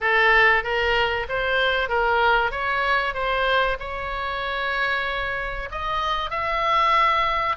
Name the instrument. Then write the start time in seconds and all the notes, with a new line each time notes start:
oboe
0.01 A4
0.63 A#4
1.28 C5
1.88 A#4
2.51 C#5
3.13 C5
3.79 C#5
5.71 D#5
6.30 E5